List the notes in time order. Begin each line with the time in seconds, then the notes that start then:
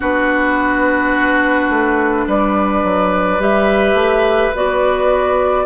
0.00 B3 D4 F#4 B4
1.69 A3
2.27 G3 B4 D5
2.84 F#3
3.39 G3 G4 E5
3.94 A3
4.54 B3 F#4 D5